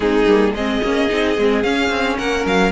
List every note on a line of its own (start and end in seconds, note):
0.00 0.25 G#3
0.00 0.27 C4
0.00 0.52 D#4
0.00 0.53 G#4
0.26 0.53 G3
0.26 0.55 A#3
0.53 0.81 G#3
0.53 0.83 C4
0.53 2.17 G#4
0.53 1.62 D#5
0.83 1.10 A#3
0.83 1.08 C#4
1.08 1.37 C4
1.08 1.36 D#4
1.37 1.63 G#3
1.37 1.64 C4
1.62 1.89 C#4
1.62 2.71 C#4
1.62 2.17 F5
1.89 2.16 C4
2.17 2.45 A#3
2.17 2.71 A#4
2.17 2.45 F#5
2.45 2.71 F#3
2.45 2.71 F5